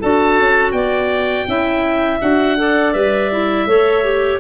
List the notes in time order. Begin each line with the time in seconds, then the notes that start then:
0.00 D4 F#4 A4 A5
0.39 C#4
0.72 B3 D5 G5
1.48 C#4 E4 E5
2.20 D4 F#4 F#5
2.57 A4 D5
2.93 G3 B4 E5
3.32 E4
3.66 A3 A4 C#5
4.04 G4